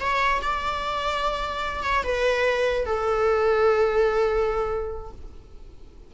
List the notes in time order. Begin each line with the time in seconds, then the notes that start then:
0.00 C#5
0.41 D5
1.83 C#5
2.03 B4
2.85 A4